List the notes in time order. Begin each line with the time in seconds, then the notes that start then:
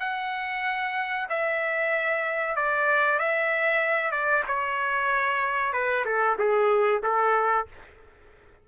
0.00 F#5
1.30 E5
2.56 D5
3.19 E5
4.12 D5
4.48 C#5
5.73 B4
6.06 A4
6.39 G#4
7.03 A4